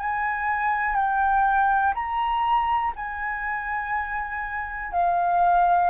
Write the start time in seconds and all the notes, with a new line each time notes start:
0.00 G#5
0.96 G5
1.95 A#5
2.96 G#5
4.93 F5